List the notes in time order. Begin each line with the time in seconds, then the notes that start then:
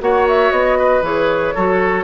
0.00 A#3 F#4 C#5 F#5
0.28 E5
0.51 B3 D#5
0.78 B4
1.02 E3 G#4 C#5
1.55 F#3 F#4 A4